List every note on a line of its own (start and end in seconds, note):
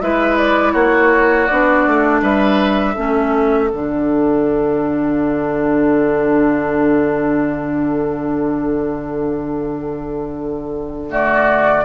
0.00 0.73 G#3
0.00 1.49 E4
0.00 0.73 B4
0.00 0.37 E5
0.37 0.73 D5
0.73 1.47 A#3
0.73 2.21 F#4
0.73 1.46 C#5
1.46 1.86 B3
1.46 2.95 D4
1.46 2.20 D5
1.86 2.21 A3
2.21 2.95 G3
2.21 2.94 B4
2.21 3.68 E5
2.94 3.72 A3
2.94 3.69 C#4
2.94 11.08 A4
3.68 11.85 D3
3.68 11.09 D4
3.68 11.09 F#5
11.09 11.83 A3
11.09 11.84 F#4
11.09 11.85 D5